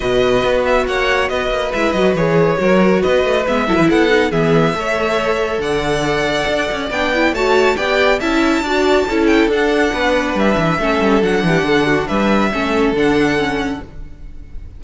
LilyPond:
<<
  \new Staff \with { instrumentName = "violin" } { \time 4/4 \tempo 4 = 139 dis''4. e''8 fis''4 dis''4 | e''8 dis''8 cis''2 dis''4 | e''4 fis''4 e''2~ | e''4 fis''2. |
g''4 a''4 g''4 a''4~ | a''4. g''8 fis''2 | e''2 fis''2 | e''2 fis''2 | }
  \new Staff \with { instrumentName = "violin" } { \time 4/4 b'2 cis''4 b'4~ | b'2 ais'4 b'4~ | b'8 a'16 b'16 a'4 gis'4 cis''4~ | cis''4 d''2.~ |
d''4 cis''4 d''4 e''4 | d''4 a'2 b'4~ | b'4 a'4. g'8 a'8 fis'8 | b'4 a'2. | }
  \new Staff \with { instrumentName = "viola" } { \time 4/4 fis'1 | e'8 fis'8 gis'4 fis'2 | b8 e'4 dis'8 b4 a'4~ | a'1 |
d'8 e'8 fis'4 g'4 e'4 | fis'4 e'4 d'2~ | d'4 cis'4 d'2~ | d'4 cis'4 d'4 cis'4 | }
  \new Staff \with { instrumentName = "cello" } { \time 4/4 b,4 b4 ais4 b8 ais8 | gis8 fis8 e4 fis4 b8 a8 | gis8 fis16 e16 b4 e4 a4~ | a4 d2 d'8 cis'8 |
b4 a4 b4 cis'4 | d'4 cis'4 d'4 b4 | g8 e8 a8 g8 fis8 e8 d4 | g4 a4 d2 | }
>>